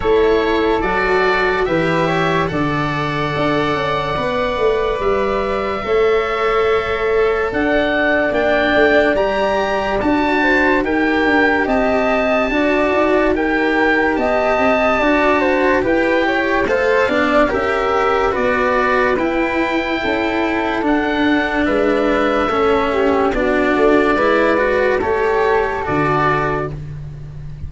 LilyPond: <<
  \new Staff \with { instrumentName = "oboe" } { \time 4/4 \tempo 4 = 72 cis''4 d''4 e''4 fis''4~ | fis''2 e''2~ | e''4 fis''4 g''4 ais''4 | a''4 g''4 a''2 |
g''4 a''2 g''4 | f''4 e''4 d''4 g''4~ | g''4 fis''4 e''2 | d''2 cis''4 d''4 | }
  \new Staff \with { instrumentName = "flute" } { \time 4/4 a'2 b'8 cis''8 d''4~ | d''2. cis''4~ | cis''4 d''2.~ | d''8 c''8 ais'4 dis''4 d''4 |
ais'4 dis''4 d''8 c''8 b'8 cis''8 | c''8 d''8 ais'4 b'2 | a'2 b'4 a'8 g'8 | fis'4 b'4 a'2 | }
  \new Staff \with { instrumentName = "cello" } { \time 4/4 e'4 fis'4 g'4 a'4~ | a'4 b'2 a'4~ | a'2 d'4 g'4 | fis'4 g'2 fis'4 |
g'2 fis'4 g'4 | a'8 d'8 g'4 fis'4 e'4~ | e'4 d'2 cis'4 | d'4 e'8 fis'8 g'4 fis'4 | }
  \new Staff \with { instrumentName = "tuba" } { \time 4/4 a4 fis4 e4 d4 | d'8 cis'8 b8 a8 g4 a4~ | a4 d'4 ais8 a8 g4 | d'4 dis'8 d'8 c'4 d'8 dis'8~ |
dis'4 b8 c'8 d'4 e'4 | a8 b8 cis'4 b4 e'4 | cis'4 d'4 gis4 a4 | b8 a8 gis4 a4 d4 | }
>>